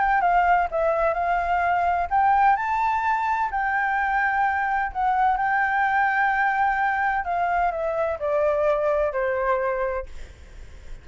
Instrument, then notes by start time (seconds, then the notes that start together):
flute
0.00 G5
0.21 F5
0.71 E5
1.14 F5
2.10 G5
2.56 A5
3.51 G5
4.92 F#5
5.37 G5
7.25 F5
7.72 E5
8.19 D5
9.13 C5